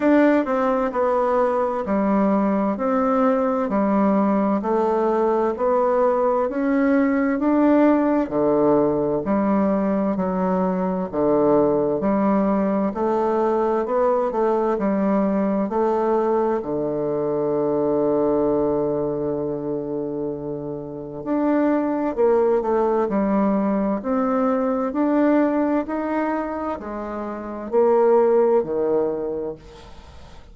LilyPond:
\new Staff \with { instrumentName = "bassoon" } { \time 4/4 \tempo 4 = 65 d'8 c'8 b4 g4 c'4 | g4 a4 b4 cis'4 | d'4 d4 g4 fis4 | d4 g4 a4 b8 a8 |
g4 a4 d2~ | d2. d'4 | ais8 a8 g4 c'4 d'4 | dis'4 gis4 ais4 dis4 | }